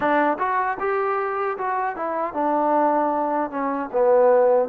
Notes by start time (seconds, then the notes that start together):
0.00 D4
0.38 F#4
0.79 G4
1.57 F#4
1.96 E4
2.33 D4
3.50 C#4
3.92 B3